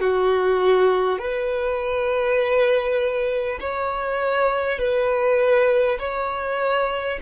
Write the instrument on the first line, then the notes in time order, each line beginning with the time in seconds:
violin
0.00 F#4
1.19 B4
3.61 C#5
4.78 B4
5.99 C#5